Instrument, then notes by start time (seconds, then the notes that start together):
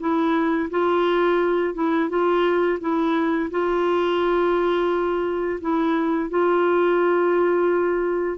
clarinet
0.00 E4
0.70 F4
1.74 E4
2.09 F4
2.80 E4
3.51 F4
5.61 E4
6.30 F4